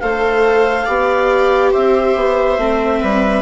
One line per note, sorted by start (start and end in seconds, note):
0.00 0.88 A3
0.00 0.87 A4
0.00 0.85 C5
0.00 1.71 F5
0.85 1.74 B3
0.85 2.59 G4
0.85 1.71 D5
1.72 2.16 C4
1.72 3.01 C5
1.72 3.42 E5
2.16 2.58 B3
2.58 3.01 A3
2.58 3.42 C4
3.01 3.42 G3
3.01 3.42 B4